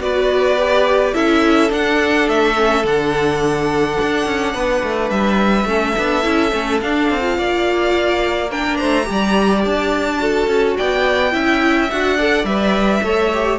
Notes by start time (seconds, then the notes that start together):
0.00 B3 F#4 B4 D5
0.58 G4
1.14 C#4 E4 A4 E5
1.69 D4 F#5
2.29 A3 E5
2.56 C#4
2.83 D3 D4 F#5
4.02 D4
4.26 C#4
4.54 B3 B4
4.83 A3
5.10 G3 E5
5.65 A3 C#4 A4
5.98 B3 D4
6.23 C#4 E4
6.52 A3 C#4
6.81 D4 F5
7.10 C4
7.20 F4
7.38 A#3 D5
8.51 D4 A#4 G5
8.77 A3 C5 A#5
9.04 G3 G4
9.12 D5
9.65 D4 A5
10.19 F#4 A4
10.47 C#4
10.78 B3 D5 G5
11.31 C#4 E4 E5
11.91 D4 F#4 F#5
12.17 A4 D5
12.44 G3 B4 E5
13.03 A3 A4 C#5
13.34 G4